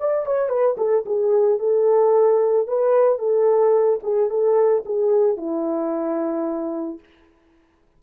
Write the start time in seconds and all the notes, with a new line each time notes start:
0.00 D5
0.26 C#5
0.49 B4
0.78 A4
1.06 G#4
1.59 A4
2.67 B4
3.19 A4
4.03 G#4
4.30 A4
4.86 G#4
5.37 E4